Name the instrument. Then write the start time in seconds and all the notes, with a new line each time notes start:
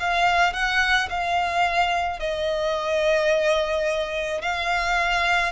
violin
0.00 F5
0.54 F#5
1.10 F5
2.20 D#5
4.42 F5